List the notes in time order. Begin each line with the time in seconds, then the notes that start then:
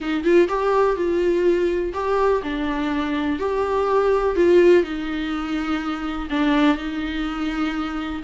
0.00 D#4
0.24 F4
0.48 G4
0.96 F4
1.93 G4
2.43 D4
3.39 G4
4.35 F4
4.83 D#4
6.30 D4
6.77 D#4